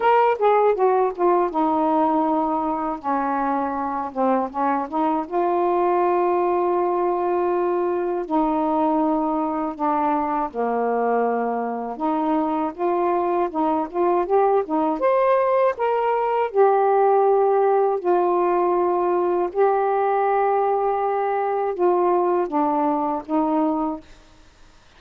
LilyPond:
\new Staff \with { instrumentName = "saxophone" } { \time 4/4 \tempo 4 = 80 ais'8 gis'8 fis'8 f'8 dis'2 | cis'4. c'8 cis'8 dis'8 f'4~ | f'2. dis'4~ | dis'4 d'4 ais2 |
dis'4 f'4 dis'8 f'8 g'8 dis'8 | c''4 ais'4 g'2 | f'2 g'2~ | g'4 f'4 d'4 dis'4 | }